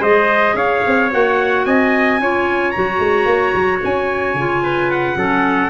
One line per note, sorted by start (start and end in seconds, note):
0.00 0.54 G#3
0.00 1.11 G#4
0.00 0.55 C5
0.00 0.57 D#5
0.54 0.81 C#4
0.54 1.65 C#5
0.54 1.11 F5
0.87 1.14 C4
1.11 1.66 A#3
1.11 2.19 F#4
1.11 1.66 F#5
1.66 2.20 C4
1.66 2.20 D#5
1.66 2.71 G#5
2.20 2.74 C#4
2.20 2.75 F4
2.20 4.63 C#5
2.71 4.37 F#4
2.71 3.79 A#5
2.77 2.99 F#3
2.99 3.25 G#3
3.25 3.52 A#3
3.54 3.81 F#3
3.84 4.34 C#4
3.84 4.91 G#5
4.34 5.15 C#3
4.34 5.17 F4
4.63 5.17 B4
4.91 5.70 F#5
5.16 5.70 F#3
5.16 5.70 C#4
5.16 5.70 A4